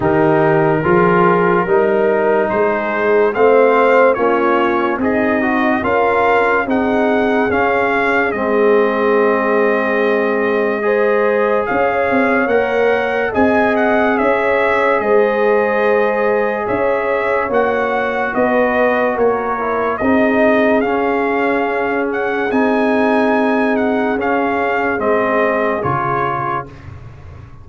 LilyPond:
<<
  \new Staff \with { instrumentName = "trumpet" } { \time 4/4 \tempo 4 = 72 ais'2. c''4 | f''4 cis''4 dis''4 f''4 | fis''4 f''4 dis''2~ | dis''2 f''4 fis''4 |
gis''8 fis''8 e''4 dis''2 | e''4 fis''4 dis''4 cis''4 | dis''4 f''4. fis''8 gis''4~ | gis''8 fis''8 f''4 dis''4 cis''4 | }
  \new Staff \with { instrumentName = "horn" } { \time 4/4 g'4 gis'4 ais'4 gis'4 | c''4 f'4 dis'4 ais'4 | gis'1~ | gis'4 c''4 cis''2 |
dis''4 cis''4 c''2 | cis''2 b'4 ais'4 | gis'1~ | gis'1 | }
  \new Staff \with { instrumentName = "trombone" } { \time 4/4 dis'4 f'4 dis'2 | c'4 cis'4 gis'8 fis'8 f'4 | dis'4 cis'4 c'2~ | c'4 gis'2 ais'4 |
gis'1~ | gis'4 fis'2~ fis'8 e'8 | dis'4 cis'2 dis'4~ | dis'4 cis'4 c'4 f'4 | }
  \new Staff \with { instrumentName = "tuba" } { \time 4/4 dis4 f4 g4 gis4 | a4 ais4 c'4 cis'4 | c'4 cis'4 gis2~ | gis2 cis'8 c'8 ais4 |
c'4 cis'4 gis2 | cis'4 ais4 b4 ais4 | c'4 cis'2 c'4~ | c'4 cis'4 gis4 cis4 | }
>>